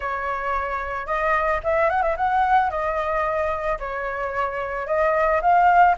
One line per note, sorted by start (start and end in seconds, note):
0.00 1.06 C#5
1.06 1.60 D#5
1.63 1.89 E5
1.89 2.02 F#5
2.02 2.15 E5
2.16 2.70 F#5
2.70 3.78 D#5
3.79 4.86 C#5
4.86 5.41 D#5
5.41 5.95 F5